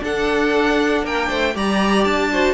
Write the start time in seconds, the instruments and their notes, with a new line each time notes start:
0.00 viola D4, cello D4, violin A4 F#5
1.03 cello A#3, violin A#4 G5
1.29 cello A3, violin C5
1.55 cello G3, viola G4, violin D5 A#5
2.04 cello D4, violin A5
2.32 viola F#4, violin C5